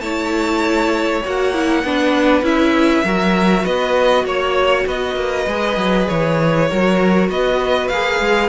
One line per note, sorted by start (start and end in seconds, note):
0.00 1.21 A3
0.00 1.23 E4
0.00 1.85 C#5
0.00 1.22 A5
1.24 1.84 A#3
1.24 1.54 F#4
1.24 2.45 F#5
1.54 1.84 E4
1.84 2.42 B3
1.84 2.43 D4
1.84 3.04 B4
2.42 3.03 C#4
2.42 3.04 E4
2.42 3.65 E5
3.04 3.65 F#3
3.04 5.48 F#4
3.04 3.64 A#4
3.64 4.25 B3
3.64 4.24 B4
3.64 4.26 D#5
4.25 4.85 A#3
4.25 4.87 C#5
4.87 5.16 B3
4.87 6.69 B4
4.87 6.08 D#5
5.16 5.46 A#3
5.47 5.77 G#3
5.47 6.69 G#4
5.77 6.07 F#3
6.08 6.70 E3
6.08 7.29 C#5
6.70 7.29 F#3
6.70 7.92 F#4
6.70 7.30 A#4
7.29 7.90 B3
7.29 8.49 B4
7.29 7.88 D#5
7.88 8.20 A#3
7.88 8.49 G#4
7.88 8.49 F5
8.20 8.49 G#3